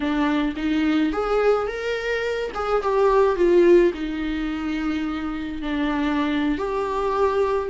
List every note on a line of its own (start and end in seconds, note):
0.00 0.54 D4
0.56 1.12 D#4
1.12 1.67 G#4
1.67 2.51 A#4
2.54 2.82 G#4
2.82 3.36 G4
3.36 3.92 F4
3.94 5.62 D#4
5.62 6.58 D4
6.58 7.69 G4